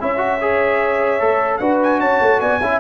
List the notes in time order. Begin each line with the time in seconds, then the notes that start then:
0.00 C#4 E4 C#5 E5
0.18 F#4
0.41 G#4
1.20 A3 A4
1.57 D4 F#4 B4 F#5
1.82 G#5
2.00 C#4 C#5 A5
2.20 A3
2.40 B3 D5 G#5
2.61 C#4 E4 E5